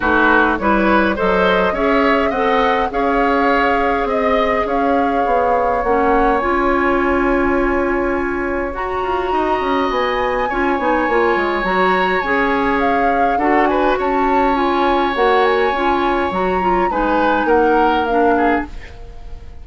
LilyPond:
<<
  \new Staff \with { instrumentName = "flute" } { \time 4/4 \tempo 4 = 103 b'4 cis''4 dis''4 e''4 | fis''4 f''2 dis''4 | f''2 fis''4 gis''4~ | gis''2. ais''4~ |
ais''4 gis''2. | ais''4 gis''4 f''4 fis''8 gis''8 | a''4 gis''4 fis''8 gis''4. | ais''4 gis''4 fis''4 f''4 | }
  \new Staff \with { instrumentName = "oboe" } { \time 4/4 fis'4 b'4 c''4 cis''4 | dis''4 cis''2 dis''4 | cis''1~ | cis''1 |
dis''2 cis''2~ | cis''2. a'8 b'8 | cis''1~ | cis''4 b'4 ais'4. gis'8 | }
  \new Staff \with { instrumentName = "clarinet" } { \time 4/4 dis'4 e'4 a'4 gis'4 | a'4 gis'2.~ | gis'2 cis'4 f'4~ | f'2. fis'4~ |
fis'2 f'8 dis'8 f'4 | fis'4 gis'2 fis'4~ | fis'4 f'4 fis'4 f'4 | fis'8 f'8 dis'2 d'4 | }
  \new Staff \with { instrumentName = "bassoon" } { \time 4/4 a4 g4 fis4 cis'4 | c'4 cis'2 c'4 | cis'4 b4 ais4 cis'4~ | cis'2. fis'8 f'8 |
dis'8 cis'8 b4 cis'8 b8 ais8 gis8 | fis4 cis'2 d'4 | cis'2 ais4 cis'4 | fis4 gis4 ais2 | }
>>